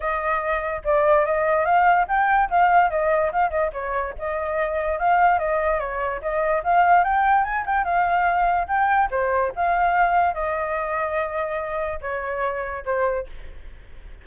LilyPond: \new Staff \with { instrumentName = "flute" } { \time 4/4 \tempo 4 = 145 dis''2 d''4 dis''4 | f''4 g''4 f''4 dis''4 | f''8 dis''8 cis''4 dis''2 | f''4 dis''4 cis''4 dis''4 |
f''4 g''4 gis''8 g''8 f''4~ | f''4 g''4 c''4 f''4~ | f''4 dis''2.~ | dis''4 cis''2 c''4 | }